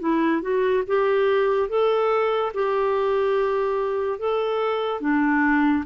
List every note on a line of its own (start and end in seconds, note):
0.00 0.42 E4
0.42 0.83 F#4
0.87 1.69 G4
1.69 2.52 A4
2.54 4.19 G4
4.19 5.01 A4
5.01 5.84 D4